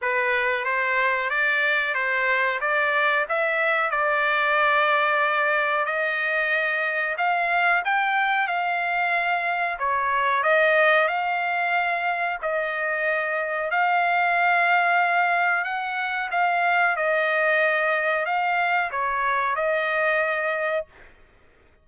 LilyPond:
\new Staff \with { instrumentName = "trumpet" } { \time 4/4 \tempo 4 = 92 b'4 c''4 d''4 c''4 | d''4 e''4 d''2~ | d''4 dis''2 f''4 | g''4 f''2 cis''4 |
dis''4 f''2 dis''4~ | dis''4 f''2. | fis''4 f''4 dis''2 | f''4 cis''4 dis''2 | }